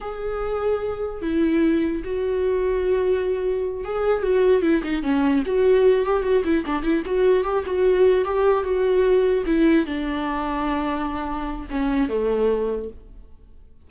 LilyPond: \new Staff \with { instrumentName = "viola" } { \time 4/4 \tempo 4 = 149 gis'2. e'4~ | e'4 fis'2.~ | fis'4. gis'4 fis'4 e'8 | dis'8 cis'4 fis'4. g'8 fis'8 |
e'8 d'8 e'8 fis'4 g'8 fis'4~ | fis'8 g'4 fis'2 e'8~ | e'8 d'2.~ d'8~ | d'4 cis'4 a2 | }